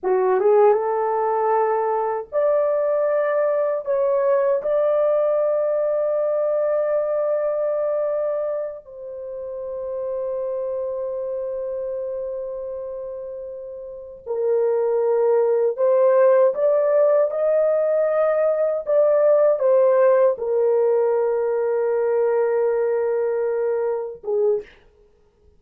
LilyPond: \new Staff \with { instrumentName = "horn" } { \time 4/4 \tempo 4 = 78 fis'8 gis'8 a'2 d''4~ | d''4 cis''4 d''2~ | d''2.~ d''8 c''8~ | c''1~ |
c''2~ c''8 ais'4.~ | ais'8 c''4 d''4 dis''4.~ | dis''8 d''4 c''4 ais'4.~ | ais'2.~ ais'8 gis'8 | }